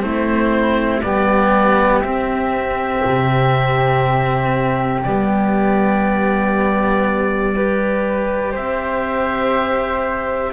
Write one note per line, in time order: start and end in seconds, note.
0.00 1.03 A3
0.00 1.00 C4
0.00 1.04 E4
0.00 1.02 C5
1.02 2.03 G3
1.02 2.04 B3
1.02 7.54 G4
1.02 2.01 D5
2.01 3.03 C4
2.01 5.04 C4
2.01 5.01 E5
3.05 5.05 C3
5.04 8.55 G3
5.04 7.56 B3
5.04 8.54 D5
7.55 10.53 G4
7.55 8.52 B4
8.52 10.53 C4
8.52 10.52 C5
8.52 10.53 E5